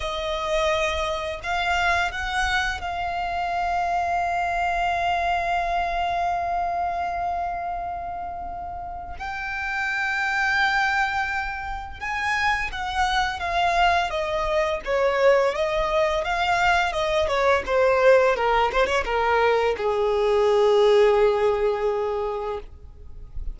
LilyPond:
\new Staff \with { instrumentName = "violin" } { \time 4/4 \tempo 4 = 85 dis''2 f''4 fis''4 | f''1~ | f''1~ | f''4 g''2.~ |
g''4 gis''4 fis''4 f''4 | dis''4 cis''4 dis''4 f''4 | dis''8 cis''8 c''4 ais'8 c''16 cis''16 ais'4 | gis'1 | }